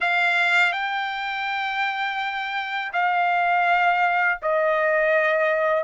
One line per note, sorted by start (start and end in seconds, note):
0.00 0.72 F5
0.72 2.91 G5
2.93 4.39 F5
4.42 5.83 D#5